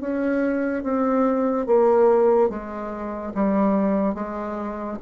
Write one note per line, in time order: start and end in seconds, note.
0.00 0.83 C#4
0.83 1.66 C4
1.66 2.49 A#3
2.49 3.33 G#3
3.34 4.14 G3
4.14 4.97 G#3